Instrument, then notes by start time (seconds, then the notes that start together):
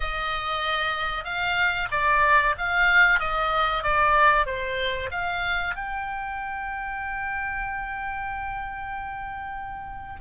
oboe
0.00 D#5
1.24 F5
1.91 D5
2.57 F5
3.19 D#5
3.83 D5
4.46 C5
5.11 F5
5.75 G5